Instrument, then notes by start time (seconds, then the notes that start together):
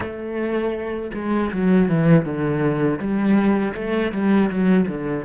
cello
0.00 A3
1.14 G#3
1.52 F#3
1.89 E3
2.25 D3
2.99 G3
3.74 A3
4.11 G3
4.49 F#3
4.88 D3